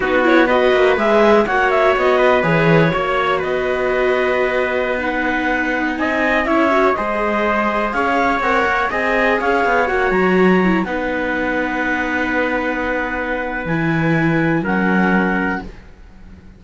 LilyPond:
<<
  \new Staff \with { instrumentName = "clarinet" } { \time 4/4 \tempo 4 = 123 b'8 cis''8 dis''4 e''4 fis''8 e''8 | dis''4 cis''2 dis''4~ | dis''2~ dis''16 fis''4.~ fis''16~ | fis''16 gis''4 e''4 dis''4.~ dis''16~ |
dis''16 f''4 fis''4 gis''4 f''8.~ | f''16 fis''8 ais''4. fis''4.~ fis''16~ | fis''1 | gis''2 fis''2 | }
  \new Staff \with { instrumentName = "trumpet" } { \time 4/4 fis'4 b'2 cis''4~ | cis''8 b'4. cis''4 b'4~ | b'1~ | b'16 dis''4 cis''4 c''4.~ c''16~ |
c''16 cis''2 dis''4 cis''8.~ | cis''2~ cis''16 b'4.~ b'16~ | b'1~ | b'2 ais'2 | }
  \new Staff \with { instrumentName = "viola" } { \time 4/4 dis'8 e'8 fis'4 gis'4 fis'4~ | fis'4 gis'4 fis'2~ | fis'2~ fis'16 dis'4.~ dis'16~ | dis'4~ dis'16 e'8 fis'8 gis'4.~ gis'16~ |
gis'4~ gis'16 ais'4 gis'4.~ gis'16~ | gis'16 fis'4. e'8 dis'4.~ dis'16~ | dis'1 | e'2 cis'2 | }
  \new Staff \with { instrumentName = "cello" } { \time 4/4 b4. ais8 gis4 ais4 | b4 e4 ais4 b4~ | b1~ | b16 c'4 cis'4 gis4.~ gis16~ |
gis16 cis'4 c'8 ais8 c'4 cis'8 b16~ | b16 ais8 fis4. b4.~ b16~ | b1 | e2 fis2 | }
>>